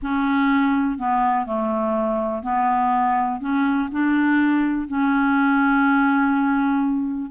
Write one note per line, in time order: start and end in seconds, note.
0.02 0.98 C#4
0.98 1.45 B3
1.45 2.42 A3
2.42 3.40 B3
3.40 3.89 C#4
3.91 4.87 D4
4.87 7.31 C#4